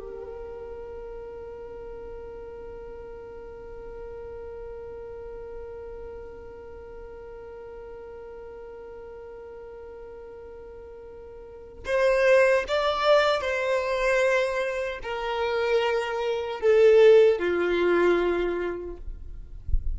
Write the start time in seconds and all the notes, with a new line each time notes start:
0.00 A#4
11.86 C5
12.69 D5
13.42 C5
15.03 A#4
16.61 A4
17.39 F4